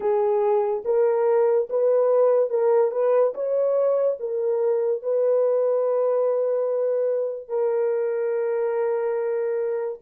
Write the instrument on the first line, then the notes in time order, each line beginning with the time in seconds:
horn
0.00 G#4
0.84 A#4
1.69 B4
2.49 A#4
2.91 B4
3.34 C#5
4.19 A#4
5.02 B4
7.48 A#4